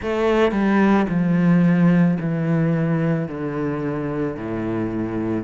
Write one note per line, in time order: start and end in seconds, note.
0.01 0.51 A3
0.51 1.06 G3
1.09 2.18 F3
2.20 3.27 E3
3.27 4.36 D3
4.36 5.43 A2